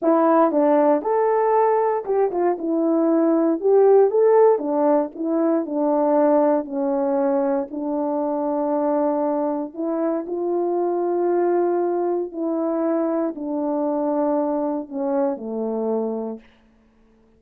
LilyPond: \new Staff \with { instrumentName = "horn" } { \time 4/4 \tempo 4 = 117 e'4 d'4 a'2 | g'8 f'8 e'2 g'4 | a'4 d'4 e'4 d'4~ | d'4 cis'2 d'4~ |
d'2. e'4 | f'1 | e'2 d'2~ | d'4 cis'4 a2 | }